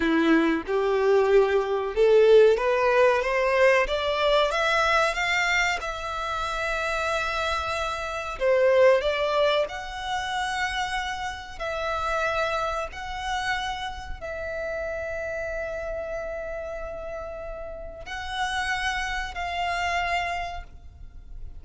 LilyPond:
\new Staff \with { instrumentName = "violin" } { \time 4/4 \tempo 4 = 93 e'4 g'2 a'4 | b'4 c''4 d''4 e''4 | f''4 e''2.~ | e''4 c''4 d''4 fis''4~ |
fis''2 e''2 | fis''2 e''2~ | e''1 | fis''2 f''2 | }